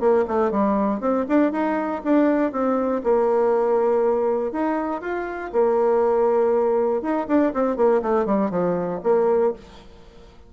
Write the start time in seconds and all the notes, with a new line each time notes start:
0.00 A#3
0.27 A3
0.51 G3
1.00 C4
1.29 D4
1.52 D#4
2.04 D4
2.52 C4
3.04 A#3
4.52 D#4
5.01 F4
5.52 A#3
7.02 D#4
7.28 D4
7.54 C4
7.77 A#3
8.02 A3
8.25 G3
8.50 F3
9.03 A#3